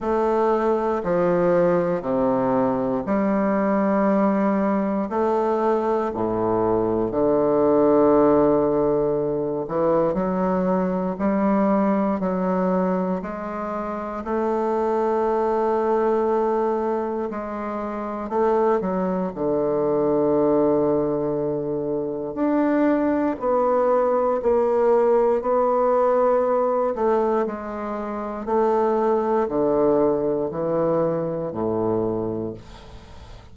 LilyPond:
\new Staff \with { instrumentName = "bassoon" } { \time 4/4 \tempo 4 = 59 a4 f4 c4 g4~ | g4 a4 a,4 d4~ | d4. e8 fis4 g4 | fis4 gis4 a2~ |
a4 gis4 a8 fis8 d4~ | d2 d'4 b4 | ais4 b4. a8 gis4 | a4 d4 e4 a,4 | }